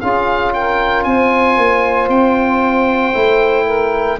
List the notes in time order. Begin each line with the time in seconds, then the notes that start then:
0.00 C#4 F4 G#4 F5
0.53 A#4 G5
1.04 C4 C5 G#5
1.57 A#3
2.09 C4 G5
3.13 A3 E4
3.65 A#4